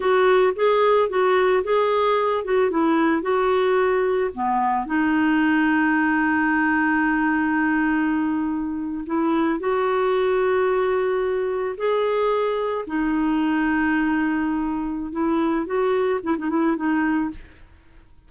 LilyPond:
\new Staff \with { instrumentName = "clarinet" } { \time 4/4 \tempo 4 = 111 fis'4 gis'4 fis'4 gis'4~ | gis'8 fis'8 e'4 fis'2 | b4 dis'2.~ | dis'1~ |
dis'8. e'4 fis'2~ fis'16~ | fis'4.~ fis'16 gis'2 dis'16~ | dis'1 | e'4 fis'4 e'16 dis'16 e'8 dis'4 | }